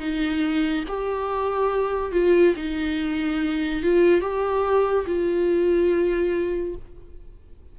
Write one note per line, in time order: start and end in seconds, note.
0.00 0.85 D#4
0.88 2.12 G4
2.12 2.54 F4
2.56 3.83 D#4
3.83 4.21 F4
4.21 5.06 G4
5.07 6.76 F4